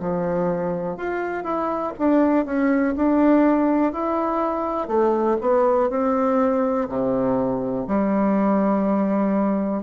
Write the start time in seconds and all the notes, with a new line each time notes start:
0.00 F3
0.97 F4
1.44 E4
1.99 D4
2.46 C#4
2.97 D4
3.93 E4
4.88 A3
5.41 B3
5.90 C4
6.89 C3
7.88 G3